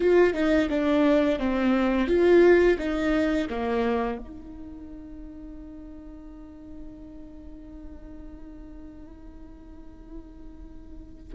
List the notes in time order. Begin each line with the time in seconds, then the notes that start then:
0.00 F4
0.33 D#4
0.69 D4
1.39 C4
2.07 F4
2.78 D#4
3.49 A#3
4.18 D#4